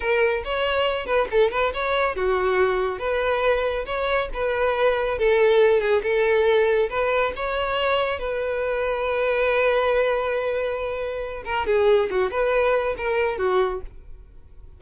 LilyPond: \new Staff \with { instrumentName = "violin" } { \time 4/4 \tempo 4 = 139 ais'4 cis''4. b'8 a'8 b'8 | cis''4 fis'2 b'4~ | b'4 cis''4 b'2 | a'4. gis'8 a'2 |
b'4 cis''2 b'4~ | b'1~ | b'2~ b'8 ais'8 gis'4 | fis'8 b'4. ais'4 fis'4 | }